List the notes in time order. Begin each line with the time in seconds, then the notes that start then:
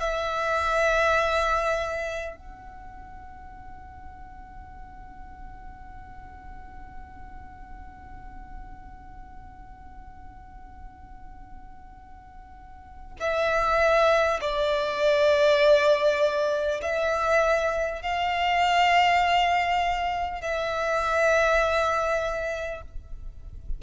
0.00 E5
2.37 F#5
13.21 E5
14.41 D5
16.82 E5
18.02 F5
20.42 E5